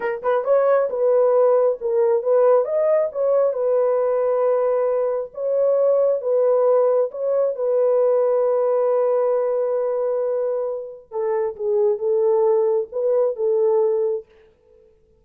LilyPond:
\new Staff \with { instrumentName = "horn" } { \time 4/4 \tempo 4 = 135 ais'8 b'8 cis''4 b'2 | ais'4 b'4 dis''4 cis''4 | b'1 | cis''2 b'2 |
cis''4 b'2.~ | b'1~ | b'4 a'4 gis'4 a'4~ | a'4 b'4 a'2 | }